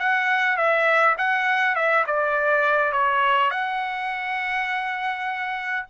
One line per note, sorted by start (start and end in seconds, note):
0.00 0.57 F#5
0.57 1.16 E5
1.18 1.76 F#5
1.76 2.05 E5
2.07 2.93 D5
2.93 3.51 C#5
3.51 5.86 F#5